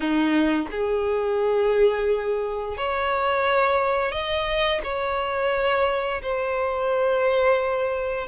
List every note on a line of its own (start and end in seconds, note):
0.00 0.67 D#4
0.71 2.77 G#4
2.77 4.11 C#5
4.11 4.80 D#5
4.83 6.21 C#5
6.22 8.27 C5